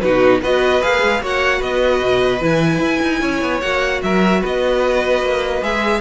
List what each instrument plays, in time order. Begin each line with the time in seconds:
0.00 cello B2, viola D#4, violin F#4 B4
0.41 cello B3, viola F#4, violin B4 D#5
0.81 cello A#3, viola G#4, violin F5
1.02 cello G#3
1.22 cello A#3, viola F#4, violin C#5 F#5
1.58 cello B3, violin B4 D#5
2.02 cello B2
2.41 cello E3, viola E4, violin G#5
2.79 cello E4
3.02 cello D#4
3.21 cello C#4, violin C#5
3.41 cello B3
3.60 cello A#3, viola F#4, violin F#5
4.03 cello F#3, violin A#4 E5
4.40 cello B3, violin B4 D#5
5.21 cello A#3
5.62 cello G#3, viola G#4, violin E5